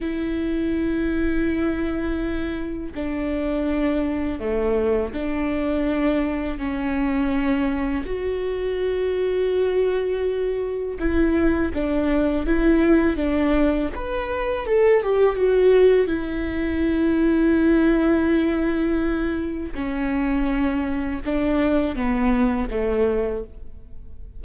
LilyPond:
\new Staff \with { instrumentName = "viola" } { \time 4/4 \tempo 4 = 82 e'1 | d'2 a4 d'4~ | d'4 cis'2 fis'4~ | fis'2. e'4 |
d'4 e'4 d'4 b'4 | a'8 g'8 fis'4 e'2~ | e'2. cis'4~ | cis'4 d'4 b4 a4 | }